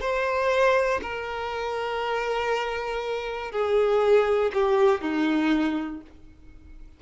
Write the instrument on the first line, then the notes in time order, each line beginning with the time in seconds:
violin
0.00 C5
1.02 A#4
3.51 G#4
4.53 G4
5.00 D#4